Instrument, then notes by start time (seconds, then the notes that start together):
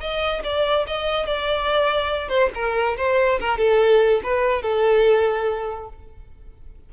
violin
0.00 D#5
0.44 D5
0.87 D#5
1.26 D5
2.28 C5
2.54 A#4
2.97 C5
3.40 A#4
3.58 A4
4.23 B4
4.62 A4